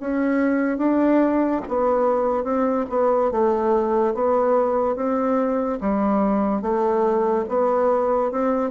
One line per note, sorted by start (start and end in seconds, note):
0.00 0.78 C#4
0.78 1.61 D4
1.68 2.44 B3
2.44 2.86 C4
2.89 3.31 B3
3.31 4.14 A3
4.14 4.96 B3
4.96 5.79 C4
5.81 6.62 G3
6.62 7.45 A3
7.49 8.31 B3
8.31 8.70 C4